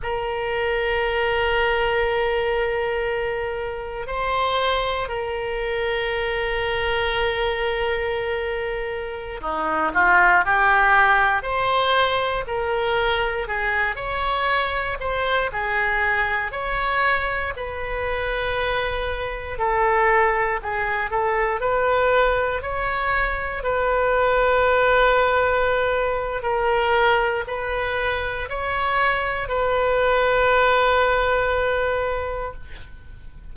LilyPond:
\new Staff \with { instrumentName = "oboe" } { \time 4/4 \tempo 4 = 59 ais'1 | c''4 ais'2.~ | ais'4~ ais'16 dis'8 f'8 g'4 c''8.~ | c''16 ais'4 gis'8 cis''4 c''8 gis'8.~ |
gis'16 cis''4 b'2 a'8.~ | a'16 gis'8 a'8 b'4 cis''4 b'8.~ | b'2 ais'4 b'4 | cis''4 b'2. | }